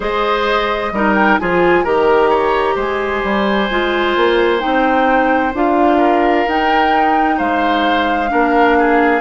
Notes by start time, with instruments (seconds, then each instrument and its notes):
0.00 bassoon G#3, clarinet G#4, oboe C5, flute D#5
0.92 bassoon G3, clarinet D#4, oboe A#4
1.14 flute G5
1.39 bassoon F3, clarinet F4, oboe G#4, flute G#5
1.83 bassoon D#3, clarinet G4, oboe A#4, flute A#5
2.29 oboe C#5
2.75 bassoon G#3, oboe C5, flute G#5
3.23 bassoon G3
3.70 bassoon G#3, clarinet F4
4.16 bassoon A#3
4.59 bassoon C4, clarinet D#4, flute G5
5.53 bassoon D4, clarinet F4, flute F5
5.97 oboe A#4
6.47 bassoon D#4, clarinet D#4, flute G5
7.37 bassoon G#3, oboe C5, flute F5
8.28 bassoon A#3, clarinet D4, oboe A#4
8.78 oboe G#4